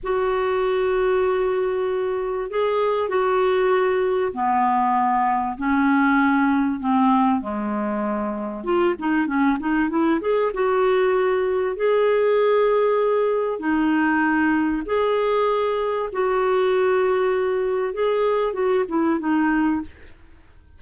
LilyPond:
\new Staff \with { instrumentName = "clarinet" } { \time 4/4 \tempo 4 = 97 fis'1 | gis'4 fis'2 b4~ | b4 cis'2 c'4 | gis2 f'8 dis'8 cis'8 dis'8 |
e'8 gis'8 fis'2 gis'4~ | gis'2 dis'2 | gis'2 fis'2~ | fis'4 gis'4 fis'8 e'8 dis'4 | }